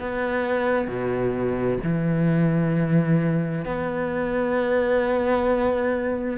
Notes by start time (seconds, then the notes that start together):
0.00 B3
0.87 B2
1.83 E3
3.65 B3